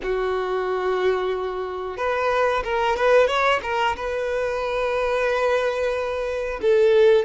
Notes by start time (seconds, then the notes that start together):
0.02 F#4
1.97 B4
2.64 A#4
2.96 B4
3.27 C#5
3.63 A#4
3.96 B4
6.61 A4